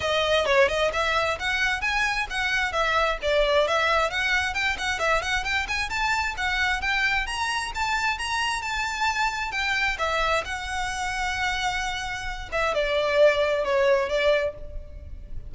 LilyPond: \new Staff \with { instrumentName = "violin" } { \time 4/4 \tempo 4 = 132 dis''4 cis''8 dis''8 e''4 fis''4 | gis''4 fis''4 e''4 d''4 | e''4 fis''4 g''8 fis''8 e''8 fis''8 | g''8 gis''8 a''4 fis''4 g''4 |
ais''4 a''4 ais''4 a''4~ | a''4 g''4 e''4 fis''4~ | fis''2.~ fis''8 e''8 | d''2 cis''4 d''4 | }